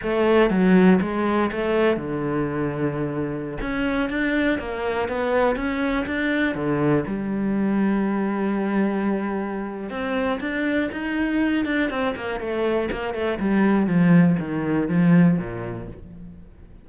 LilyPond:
\new Staff \with { instrumentName = "cello" } { \time 4/4 \tempo 4 = 121 a4 fis4 gis4 a4 | d2.~ d16 cis'8.~ | cis'16 d'4 ais4 b4 cis'8.~ | cis'16 d'4 d4 g4.~ g16~ |
g1 | c'4 d'4 dis'4. d'8 | c'8 ais8 a4 ais8 a8 g4 | f4 dis4 f4 ais,4 | }